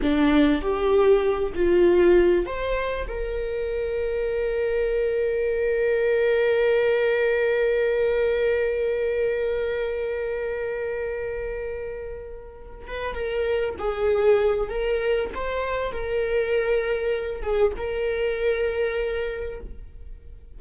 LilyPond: \new Staff \with { instrumentName = "viola" } { \time 4/4 \tempo 4 = 98 d'4 g'4. f'4. | c''4 ais'2.~ | ais'1~ | ais'1~ |
ais'1~ | ais'4 b'8 ais'4 gis'4. | ais'4 c''4 ais'2~ | ais'8 gis'8 ais'2. | }